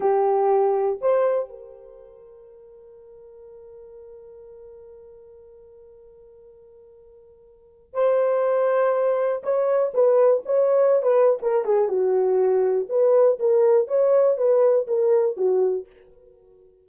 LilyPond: \new Staff \with { instrumentName = "horn" } { \time 4/4 \tempo 4 = 121 g'2 c''4 ais'4~ | ais'1~ | ais'1~ | ais'1 |
c''2. cis''4 | b'4 cis''4~ cis''16 b'8. ais'8 gis'8 | fis'2 b'4 ais'4 | cis''4 b'4 ais'4 fis'4 | }